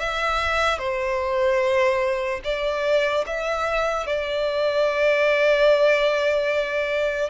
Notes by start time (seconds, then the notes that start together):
0.00 E5
0.79 C5
2.44 D5
3.27 E5
4.07 D5